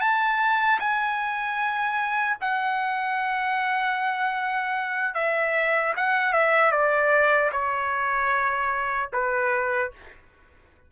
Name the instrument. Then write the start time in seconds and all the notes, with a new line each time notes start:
trumpet
0.00 A5
0.79 G#5
2.40 F#5
5.14 E5
5.96 F#5
6.33 E5
6.71 D5
7.51 C#5
9.12 B4